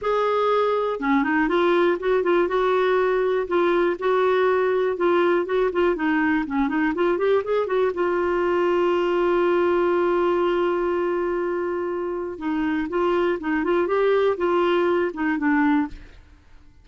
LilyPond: \new Staff \with { instrumentName = "clarinet" } { \time 4/4 \tempo 4 = 121 gis'2 cis'8 dis'8 f'4 | fis'8 f'8 fis'2 f'4 | fis'2 f'4 fis'8 f'8 | dis'4 cis'8 dis'8 f'8 g'8 gis'8 fis'8 |
f'1~ | f'1~ | f'4 dis'4 f'4 dis'8 f'8 | g'4 f'4. dis'8 d'4 | }